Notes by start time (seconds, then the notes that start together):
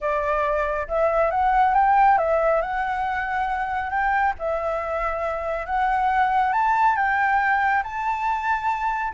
0.00 D5
0.88 E5
1.30 F#5
1.74 G5
2.18 E5
2.61 F#5
3.89 G5
4.39 E5
5.65 F#5
6.52 A5
6.95 G5
7.83 A5